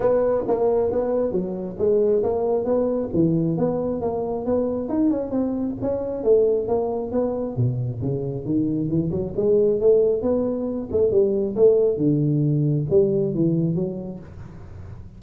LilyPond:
\new Staff \with { instrumentName = "tuba" } { \time 4/4 \tempo 4 = 135 b4 ais4 b4 fis4 | gis4 ais4 b4 e4 | b4 ais4 b4 dis'8 cis'8 | c'4 cis'4 a4 ais4 |
b4 b,4 cis4 dis4 | e8 fis8 gis4 a4 b4~ | b8 a8 g4 a4 d4~ | d4 g4 e4 fis4 | }